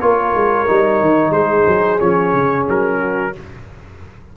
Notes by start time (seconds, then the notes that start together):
0.00 A#3 F4 A#4 C#5
0.35 G#3
0.67 G3 D#4
1.01 D#3
1.30 G#3 G#4 C5
1.67 F#3
1.99 F3 C#4 C#5
2.33 C#3
2.68 F#3 A#4
2.98 F#4